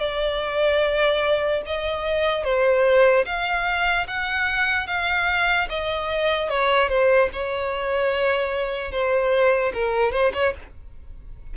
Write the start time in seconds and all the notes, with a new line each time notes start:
0.00 D5
1.66 D#5
2.44 C5
3.26 F5
4.07 F#5
4.87 F5
5.69 D#5
6.49 C#5
6.89 C5
7.33 C#5
8.92 C5
9.74 A#4
10.12 C5
10.34 C#5